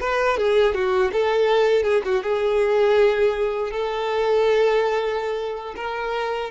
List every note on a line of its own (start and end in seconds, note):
0.00 0.37 B4
0.37 0.74 G#4
0.74 1.11 F#4
1.12 1.83 A4
1.83 2.02 G#4
2.04 2.23 F#4
2.23 3.71 G#4
3.71 5.74 A4
5.76 6.50 A#4